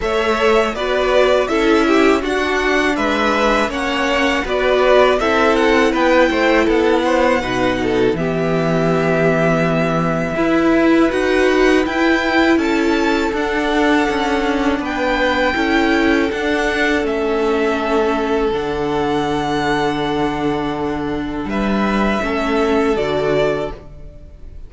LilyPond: <<
  \new Staff \with { instrumentName = "violin" } { \time 4/4 \tempo 4 = 81 e''4 d''4 e''4 fis''4 | e''4 fis''4 d''4 e''8 fis''8 | g''4 fis''2 e''4~ | e''2. fis''4 |
g''4 a''4 fis''2 | g''2 fis''4 e''4~ | e''4 fis''2.~ | fis''4 e''2 d''4 | }
  \new Staff \with { instrumentName = "violin" } { \time 4/4 cis''4 b'4 a'8 g'8 fis'4 | b'4 cis''4 b'4 a'4 | b'8 c''8 a'8 c''8 b'8 a'8 g'4~ | g'2 b'2~ |
b'4 a'2. | b'4 a'2.~ | a'1~ | a'4 b'4 a'2 | }
  \new Staff \with { instrumentName = "viola" } { \time 4/4 a'4 fis'4 e'4 d'4~ | d'4 cis'4 fis'4 e'4~ | e'2 dis'4 b4~ | b2 e'4 fis'4 |
e'2 d'2~ | d'4 e'4 d'4 cis'4~ | cis'4 d'2.~ | d'2 cis'4 fis'4 | }
  \new Staff \with { instrumentName = "cello" } { \time 4/4 a4 b4 cis'4 d'4 | gis4 ais4 b4 c'4 | b8 a8 b4 b,4 e4~ | e2 e'4 dis'4 |
e'4 cis'4 d'4 cis'4 | b4 cis'4 d'4 a4~ | a4 d2.~ | d4 g4 a4 d4 | }
>>